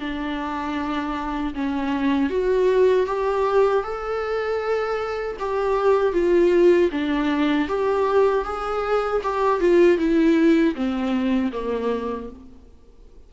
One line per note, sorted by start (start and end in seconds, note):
0.00 1.54 D4
1.54 2.30 C#4
2.30 3.06 F#4
3.06 3.83 G4
3.83 5.37 A4
5.40 6.13 G4
6.13 6.90 F4
6.92 7.68 D4
7.68 8.45 G4
8.45 9.22 G#4
9.23 9.60 G4
9.60 9.98 F4
9.98 10.75 E4
10.75 11.52 C4
11.52 12.29 A#3